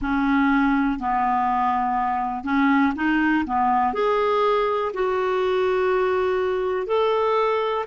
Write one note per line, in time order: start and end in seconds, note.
0.01 0.99 C#4
0.99 2.44 B3
2.44 2.93 C#4
2.95 3.44 D#4
3.46 3.93 B3
3.93 4.92 G#4
4.93 6.86 F#4
6.86 7.85 A4